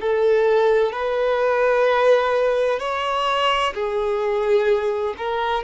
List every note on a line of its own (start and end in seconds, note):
0.00 0.92 A4
0.92 2.79 B4
2.79 3.73 C#5
3.74 5.14 G#4
5.17 5.63 A#4